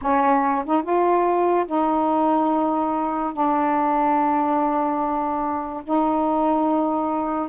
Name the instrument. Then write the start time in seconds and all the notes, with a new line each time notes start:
saxophone
0.01 C#4
0.65 D#4
0.82 F4
1.66 D#4
3.33 D4
5.84 D#4